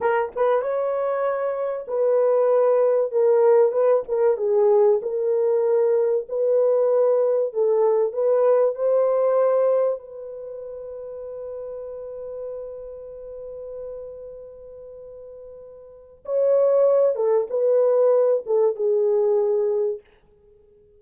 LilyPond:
\new Staff \with { instrumentName = "horn" } { \time 4/4 \tempo 4 = 96 ais'8 b'8 cis''2 b'4~ | b'4 ais'4 b'8 ais'8 gis'4 | ais'2 b'2 | a'4 b'4 c''2 |
b'1~ | b'1~ | b'2 cis''4. a'8 | b'4. a'8 gis'2 | }